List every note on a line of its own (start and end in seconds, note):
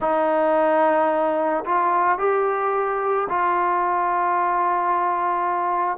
0.00 1.64 D#4
1.65 2.18 F4
2.18 3.27 G4
3.29 5.97 F4